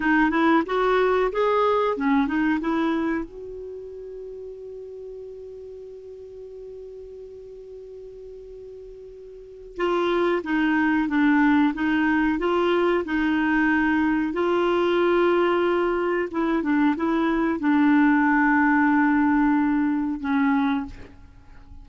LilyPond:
\new Staff \with { instrumentName = "clarinet" } { \time 4/4 \tempo 4 = 92 dis'8 e'8 fis'4 gis'4 cis'8 dis'8 | e'4 fis'2.~ | fis'1~ | fis'2. f'4 |
dis'4 d'4 dis'4 f'4 | dis'2 f'2~ | f'4 e'8 d'8 e'4 d'4~ | d'2. cis'4 | }